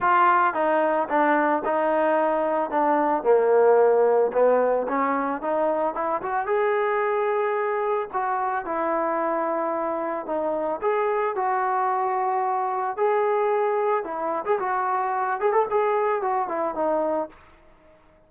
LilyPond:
\new Staff \with { instrumentName = "trombone" } { \time 4/4 \tempo 4 = 111 f'4 dis'4 d'4 dis'4~ | dis'4 d'4 ais2 | b4 cis'4 dis'4 e'8 fis'8 | gis'2. fis'4 |
e'2. dis'4 | gis'4 fis'2. | gis'2 e'8. gis'16 fis'4~ | fis'8 gis'16 a'16 gis'4 fis'8 e'8 dis'4 | }